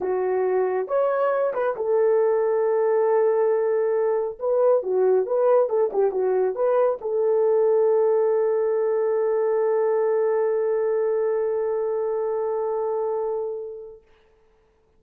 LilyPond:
\new Staff \with { instrumentName = "horn" } { \time 4/4 \tempo 4 = 137 fis'2 cis''4. b'8 | a'1~ | a'2 b'4 fis'4 | b'4 a'8 g'8 fis'4 b'4 |
a'1~ | a'1~ | a'1~ | a'1 | }